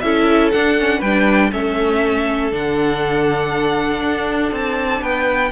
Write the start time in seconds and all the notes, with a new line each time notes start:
0.00 C#4 E4 A4 E5
0.51 D4 F#5
0.78 C#4
0.98 G3 B4 G5
1.06 D4
1.51 A3 C#4 A4 E5
2.51 D3 D4 F#5
4.01 D4
4.51 C4 A5
5.01 B3 B4 G5